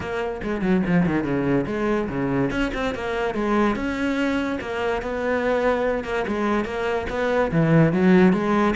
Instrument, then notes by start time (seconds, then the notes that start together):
cello
0.00 A#3
0.43 G#3
0.61 F#3
0.86 F3
1.06 D#3
1.23 C#3
1.66 G#3
2.09 C#3
2.50 C#4
2.74 C4
2.95 A#3
3.34 G#3
3.75 C#4
4.60 A#3
5.02 B3
6.04 A#3
6.27 G#3
6.64 A#3
7.09 B3
7.51 E3
7.92 F#3
8.32 G#3